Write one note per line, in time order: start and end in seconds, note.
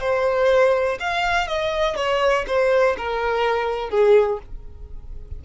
0.00 0.98 C5
1.00 1.48 F5
1.48 1.96 D#5
1.96 2.45 C#5
2.47 2.96 C5
2.97 3.90 A#4
3.90 4.39 G#4